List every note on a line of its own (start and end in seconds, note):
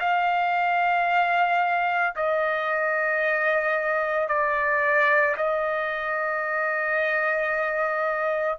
0.00 2.14 F5
2.16 4.29 D#5
4.29 5.36 D5
5.37 8.59 D#5